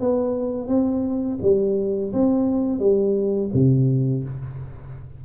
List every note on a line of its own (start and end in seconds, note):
0.00 0.68 B3
0.68 1.38 C4
1.42 2.12 G3
2.13 2.79 C4
2.79 3.50 G3
3.54 4.24 C3